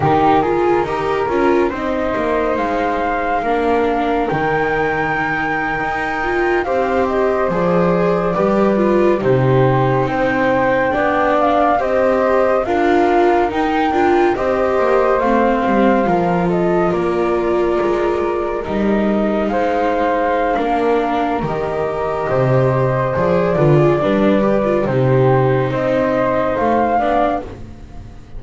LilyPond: <<
  \new Staff \with { instrumentName = "flute" } { \time 4/4 \tempo 4 = 70 ais'2 dis''4 f''4~ | f''4 g''2~ g''8. f''16~ | f''16 dis''8 d''2 c''4 g''16~ | g''4~ g''16 f''8 dis''4 f''4 g''16~ |
g''8. dis''4 f''4. dis''8 d''16~ | d''4.~ d''16 dis''4 f''4~ f''16~ | f''4 dis''2 d''4~ | d''4 c''4 dis''4 f''4 | }
  \new Staff \with { instrumentName = "flute" } { \time 4/4 g'8 gis'8 ais'4 c''2 | ais'2.~ ais'8. c''16~ | c''4.~ c''16 b'4 g'4 c''16~ | c''8. d''4 c''4 ais'4~ ais'16~ |
ais'8. c''2 ais'8 a'8 ais'16~ | ais'2~ ais'8. c''4~ c''16 | ais'2 c''4. b'16 gis'16 | b'4 g'4 c''4. d''8 | }
  \new Staff \with { instrumentName = "viola" } { \time 4/4 dis'8 f'8 g'8 f'8 dis'2 | d'4 dis'2~ dis'16 f'8 g'16~ | g'8. gis'4 g'8 f'8 dis'4~ dis'16~ | dis'8. d'4 g'4 f'4 dis'16~ |
dis'16 f'8 g'4 c'4 f'4~ f'16~ | f'4.~ f'16 dis'2~ dis'16 | d'4 g'2 gis'8 f'8 | d'8 g'16 f'16 dis'2~ dis'8 d'8 | }
  \new Staff \with { instrumentName = "double bass" } { \time 4/4 dis4 dis'8 cis'8 c'8 ais8 gis4 | ais4 dis4.~ dis16 dis'4 c'16~ | c'8. f4 g4 c4 c'16~ | c'8. b4 c'4 d'4 dis'16~ |
dis'16 d'8 c'8 ais8 a8 g8 f4 ais16~ | ais8. gis4 g4 gis4~ gis16 | ais4 dis4 c4 f8 d8 | g4 c4 c'4 a8 b8 | }
>>